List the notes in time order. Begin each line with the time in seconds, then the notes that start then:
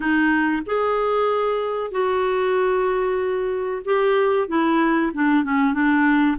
0.00 D#4
0.66 G#4
1.91 F#4
3.85 G4
4.48 E4
5.13 D4
5.44 C#4
5.73 D4